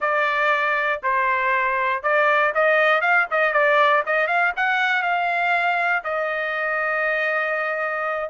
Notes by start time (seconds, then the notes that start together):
0.00 D5
1.02 C5
2.03 D5
2.54 D#5
3.01 F5
3.30 D#5
3.52 D5
4.06 D#5
4.27 F5
4.56 F#5
5.02 F5
6.04 D#5